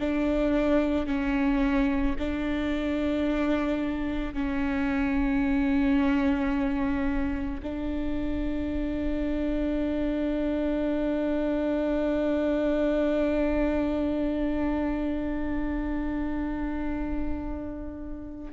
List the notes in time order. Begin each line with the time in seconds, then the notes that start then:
0.00 D4
1.07 C#4
2.19 D4
4.34 C#4
7.63 D4